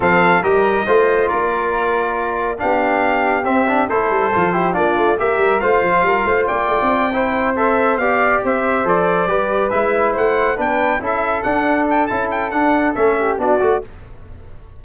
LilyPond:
<<
  \new Staff \with { instrumentName = "trumpet" } { \time 4/4 \tempo 4 = 139 f''4 dis''2 d''4~ | d''2 f''2 | e''4 c''2 d''4 | e''4 f''2 g''4~ |
g''4. e''4 f''4 e''8~ | e''8 d''2 e''4 fis''8~ | fis''8 g''4 e''4 fis''4 g''8 | a''8 g''8 fis''4 e''4 d''4 | }
  \new Staff \with { instrumentName = "flute" } { \time 4/4 a'4 ais'4 c''4 ais'4~ | ais'2 g'2~ | g'4 a'4. g'8 f'4 | ais'4 c''4 ais'8 c''8 d''4~ |
d''8 c''2 d''4 c''8~ | c''4. b'2 c''8~ | c''8 b'4 a'2~ a'8~ | a'2~ a'8 g'8 fis'4 | }
  \new Staff \with { instrumentName = "trombone" } { \time 4/4 c'4 g'4 f'2~ | f'2 d'2 | c'8 d'8 e'4 f'8 e'8 d'4 | g'4 f'2.~ |
f'8 e'4 a'4 g'4.~ | g'8 a'4 g'4 e'4.~ | e'8 d'4 e'4 d'4. | e'4 d'4 cis'4 d'8 fis'8 | }
  \new Staff \with { instrumentName = "tuba" } { \time 4/4 f4 g4 a4 ais4~ | ais2 b2 | c'4 a8 g8 f4 ais8 a8 | ais8 g8 a8 f8 g8 a8 ais8 a16 c'16~ |
c'2~ c'8 b4 c'8~ | c'8 f4 g4 gis4 a8~ | a8 b4 cis'4 d'4. | cis'4 d'4 a4 b8 a8 | }
>>